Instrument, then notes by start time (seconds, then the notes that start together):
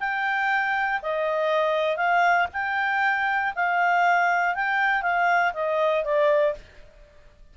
clarinet
0.00 G5
1.03 D#5
1.97 F5
2.53 G5
3.56 F5
4.55 G5
5.03 F5
5.54 D#5
6.05 D5